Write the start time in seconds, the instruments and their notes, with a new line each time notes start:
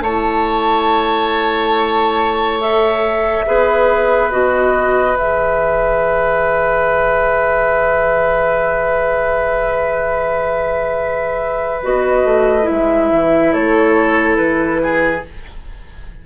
0.00 bassoon A3, clarinet E4, oboe C#5, flute A5
2.60 clarinet A4, flute E5
3.46 bassoon B3, clarinet G#4, oboe B4
4.31 bassoon B2, clarinet F#4, flute D#5
5.15 bassoon E3, clarinet G#4, flute E5
11.83 bassoon B3, clarinet F#4, flute D#5
12.24 bassoon A3
12.63 clarinet E4, flute E5
12.71 bassoon G#3
13.12 bassoon E3
13.53 bassoon A3, oboe A4, flute C#5
14.37 bassoon E3, flute B4
14.83 oboe G#4